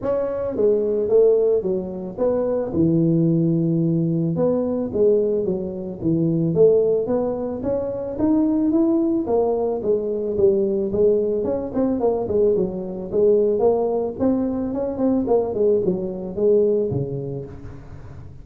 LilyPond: \new Staff \with { instrumentName = "tuba" } { \time 4/4 \tempo 4 = 110 cis'4 gis4 a4 fis4 | b4 e2. | b4 gis4 fis4 e4 | a4 b4 cis'4 dis'4 |
e'4 ais4 gis4 g4 | gis4 cis'8 c'8 ais8 gis8 fis4 | gis4 ais4 c'4 cis'8 c'8 | ais8 gis8 fis4 gis4 cis4 | }